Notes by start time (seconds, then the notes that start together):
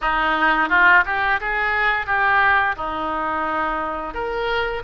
0.01 D#4
0.69 F4
1.05 G4
1.40 G#4
2.06 G4
2.76 D#4
4.13 A#4